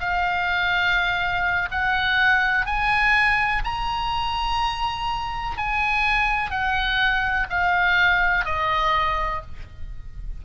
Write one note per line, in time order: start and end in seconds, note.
0.00 1.69 F5
1.72 2.66 F#5
2.66 3.63 G#5
3.64 5.58 A#5
5.58 6.51 G#5
6.51 7.47 F#5
7.50 8.45 F5
8.45 9.42 D#5